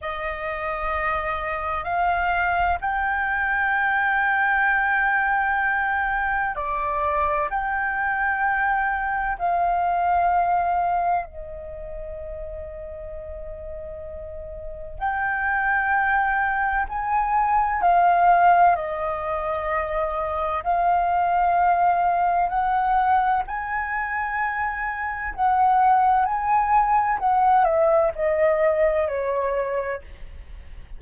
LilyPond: \new Staff \with { instrumentName = "flute" } { \time 4/4 \tempo 4 = 64 dis''2 f''4 g''4~ | g''2. d''4 | g''2 f''2 | dis''1 |
g''2 gis''4 f''4 | dis''2 f''2 | fis''4 gis''2 fis''4 | gis''4 fis''8 e''8 dis''4 cis''4 | }